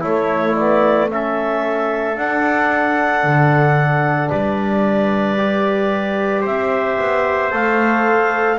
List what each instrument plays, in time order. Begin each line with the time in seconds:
0.00 trombone A3, double bass A3, trumpet E4, clarinet C#5
0.55 trombone B3, clarinet D5
1.10 trombone C#4, trumpet A4, clarinet E5
2.16 trombone D4, double bass D4, clarinet F#5
3.23 double bass D3
4.29 double bass G3, trumpet B4, clarinet D5
5.37 trombone G4
6.41 double bass C4, trumpet C5, clarinet E5
6.99 double bass B3
7.50 double bass A3, trombone A4, clarinet F5